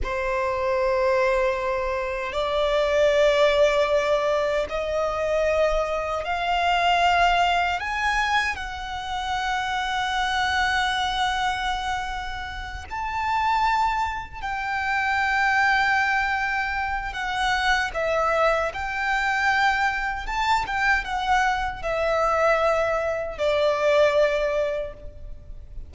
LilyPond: \new Staff \with { instrumentName = "violin" } { \time 4/4 \tempo 4 = 77 c''2. d''4~ | d''2 dis''2 | f''2 gis''4 fis''4~ | fis''1~ |
fis''8 a''2 g''4.~ | g''2 fis''4 e''4 | g''2 a''8 g''8 fis''4 | e''2 d''2 | }